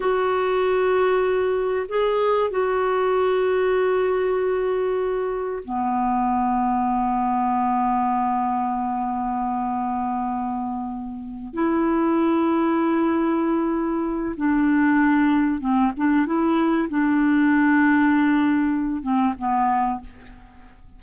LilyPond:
\new Staff \with { instrumentName = "clarinet" } { \time 4/4 \tempo 4 = 96 fis'2. gis'4 | fis'1~ | fis'4 b2.~ | b1~ |
b2~ b8 e'4.~ | e'2. d'4~ | d'4 c'8 d'8 e'4 d'4~ | d'2~ d'8 c'8 b4 | }